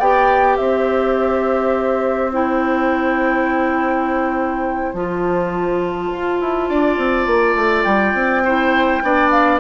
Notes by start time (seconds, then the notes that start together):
0.00 B3 G4 D5 G5
0.57 C4 C5 E5
2.33 E4 G5
4.93 F3 F4 A5
6.12 F4
6.41 E4
6.69 D4 D5
6.97 C4
7.27 A#3
7.55 A3
7.83 G3 G5
8.14 C4
8.44 E4 C5
9.03 B3 D4 D5
9.30 F5